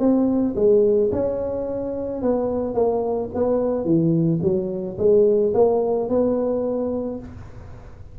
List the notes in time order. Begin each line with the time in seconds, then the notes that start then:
0.00 C4
0.56 G#3
1.13 C#4
2.23 B3
2.75 A#3
3.35 B3
3.85 E3
4.42 F#3
4.99 G#3
5.54 A#3
6.10 B3